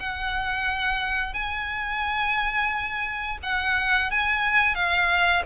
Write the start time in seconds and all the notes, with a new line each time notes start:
0.00 F#5
1.34 G#5
3.43 F#5
4.11 G#5
4.75 F5